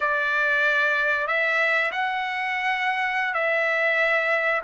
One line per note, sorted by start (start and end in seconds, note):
0.00 1.27 D5
1.27 1.91 E5
1.91 3.34 F#5
3.34 4.61 E5